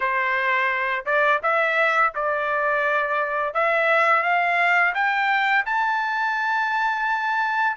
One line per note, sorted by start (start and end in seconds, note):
0.00 1.05 C5
1.05 1.41 D5
1.42 2.13 E5
2.14 3.54 D5
3.54 4.23 E5
4.23 4.93 F5
4.94 5.64 G5
5.65 7.76 A5